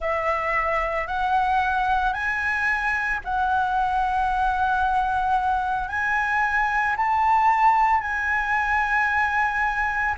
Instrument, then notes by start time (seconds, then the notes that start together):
flute
0.00 E5
1.07 F#5
2.13 G#5
3.24 F#5
5.88 G#5
6.96 A5
8.00 G#5